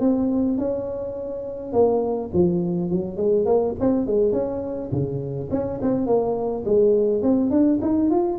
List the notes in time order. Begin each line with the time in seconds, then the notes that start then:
0.00 C4
0.58 C#4
1.73 A#3
2.33 F3
2.90 F#3
3.17 G#3
3.46 A#3
3.80 C4
4.06 G#3
4.32 C#4
4.91 C#3
5.51 C#4
5.81 C4
6.06 A#3
6.65 G#3
7.22 C4
7.50 D4
7.82 D#4
8.10 F4